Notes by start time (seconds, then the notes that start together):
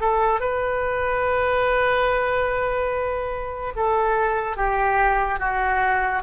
0.00 A4
0.40 B4
3.76 A4
4.56 G4
5.39 F#4